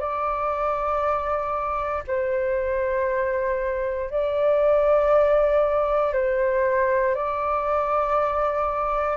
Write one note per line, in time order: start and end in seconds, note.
0.00 2.03 D5
2.08 4.11 C5
4.11 6.13 D5
6.13 7.15 C5
7.15 9.18 D5